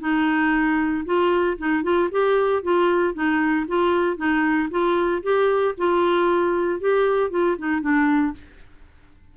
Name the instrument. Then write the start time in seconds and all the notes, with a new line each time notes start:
clarinet
0.00 D#4
1.05 F4
1.58 D#4
1.83 F4
2.11 G4
2.63 F4
3.14 D#4
3.68 F4
4.17 D#4
4.70 F4
5.23 G4
5.78 F4
6.80 G4
7.30 F4
7.58 D#4
7.81 D4